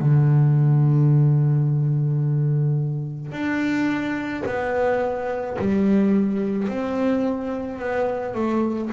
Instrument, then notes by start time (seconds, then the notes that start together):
double bass
0.00 D3
3.32 D4
4.46 B3
5.59 G3
6.68 C4
7.79 B3
8.34 A3